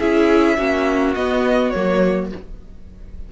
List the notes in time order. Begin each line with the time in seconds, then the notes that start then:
0.00 C#4 E4 G#4 E5
0.57 A#3 C#4 F#4
1.15 B3 D#5
1.70 F#3 A#3 C#5